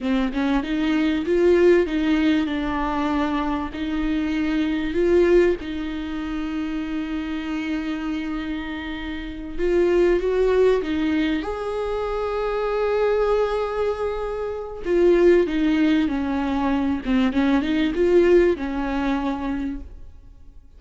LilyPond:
\new Staff \with { instrumentName = "viola" } { \time 4/4 \tempo 4 = 97 c'8 cis'8 dis'4 f'4 dis'4 | d'2 dis'2 | f'4 dis'2.~ | dis'2.~ dis'8 f'8~ |
f'8 fis'4 dis'4 gis'4.~ | gis'1 | f'4 dis'4 cis'4. c'8 | cis'8 dis'8 f'4 cis'2 | }